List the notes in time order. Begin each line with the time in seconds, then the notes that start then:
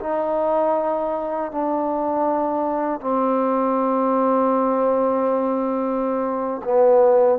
0.00 D#4
1.52 D4
3.01 C4
6.65 B3